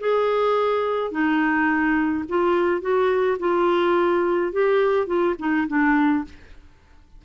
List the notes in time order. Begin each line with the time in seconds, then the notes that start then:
0.00 G#4
1.11 D#4
2.29 F4
2.81 F#4
3.39 F4
4.52 G4
5.07 F4
5.39 D#4
5.68 D4